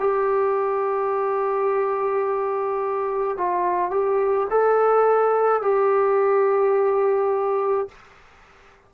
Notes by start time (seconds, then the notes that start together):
0.00 G4
3.38 F4
3.91 G4
4.51 A4
5.62 G4